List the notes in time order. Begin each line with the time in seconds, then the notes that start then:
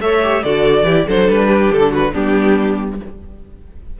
0.00 A3 A4 C#5 E5
0.23 G4
0.43 D3 F#4 A4 D5
0.82 E3 E4 G4
1.07 F#3 D4 A4 C5
1.29 G3 B4
1.47 G4
1.70 D3 A4
1.90 F#4 B4
2.12 G3 B3 D4 G4